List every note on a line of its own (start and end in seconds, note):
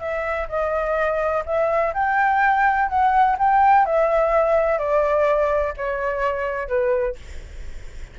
0.00 0.48 E5
0.49 1.44 D#5
1.46 1.93 E5
1.94 2.89 G5
2.89 3.37 F#5
3.39 3.86 G5
3.86 4.78 E5
4.78 5.74 D5
5.77 6.68 C#5
6.68 7.16 B4